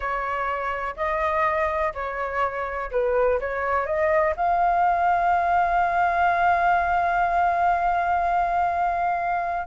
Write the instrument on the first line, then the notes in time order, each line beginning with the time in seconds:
flute
0.00 C#5
0.96 D#5
1.94 C#5
2.91 B4
3.40 C#5
3.86 D#5
4.36 F5